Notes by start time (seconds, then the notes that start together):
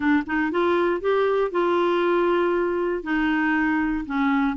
0.00 D4
0.26 D#4
0.51 F4
1.00 G4
1.51 F4
3.03 D#4
4.05 C#4